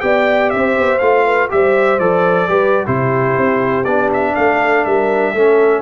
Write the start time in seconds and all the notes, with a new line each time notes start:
0.00 B3 G4 D5 G5
0.49 C4 C5 E5
0.78 B3
0.98 A3 F4 F5
1.25 B4
1.49 G3 G4 C5 E5
1.98 F3 A4 D5
2.48 G3 G4 B4
2.84 C3 E4 G4 C5
3.37 C4
3.84 B3 D4 D5
4.13 E5
4.34 A3 A4 F5
4.84 G3 A#4 E5
5.34 A3 C#4 A4